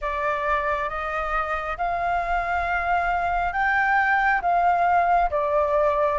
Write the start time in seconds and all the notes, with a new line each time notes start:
0.01 D5
0.89 D#5
1.77 F5
3.53 G5
4.41 F5
5.30 D5